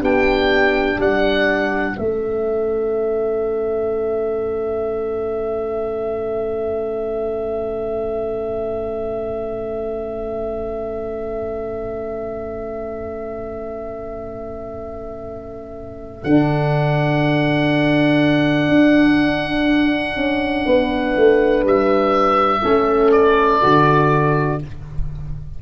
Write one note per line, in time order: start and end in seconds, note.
0.00 0.97 B3
0.00 1.95 D4
0.00 0.98 G4
0.00 1.01 G5
0.97 1.95 G3
0.97 1.97 D5
0.97 1.98 F#5
1.95 16.24 A3
1.95 16.22 C#4
1.95 20.65 A4
1.95 16.24 E5
16.24 18.69 D3
16.24 22.60 D4
16.24 21.65 F#5
18.69 20.16 D4
20.16 20.65 C#4
20.66 21.15 B3
20.66 22.61 B4
21.16 21.63 A3
21.63 22.62 G3
21.63 23.12 E5
22.60 23.63 A3
22.60 23.59 C#4
22.60 24.58 A4
23.12 24.59 D5
23.60 24.62 D3
23.60 24.58 F#4